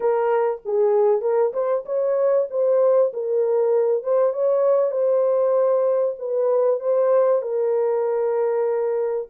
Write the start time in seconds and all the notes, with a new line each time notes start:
0.00 A#4
0.65 G#4
1.21 A#4
1.53 C5
1.85 C#5
2.50 C5
3.13 A#4
4.03 C5
4.33 C#5
4.91 C5
6.19 B4
6.80 C5
7.42 A#4